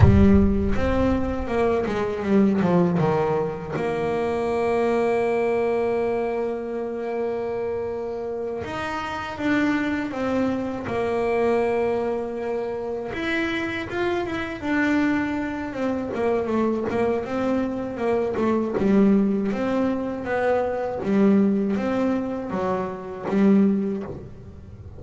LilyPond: \new Staff \with { instrumentName = "double bass" } { \time 4/4 \tempo 4 = 80 g4 c'4 ais8 gis8 g8 f8 | dis4 ais2.~ | ais2.~ ais8 dis'8~ | dis'8 d'4 c'4 ais4.~ |
ais4. e'4 f'8 e'8 d'8~ | d'4 c'8 ais8 a8 ais8 c'4 | ais8 a8 g4 c'4 b4 | g4 c'4 fis4 g4 | }